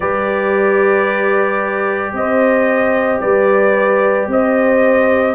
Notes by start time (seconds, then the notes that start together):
0.00 G3 G4 B4 D5
2.12 C4 C5 D#5
3.20 G3 B4 D5
4.27 C4 C5 D#5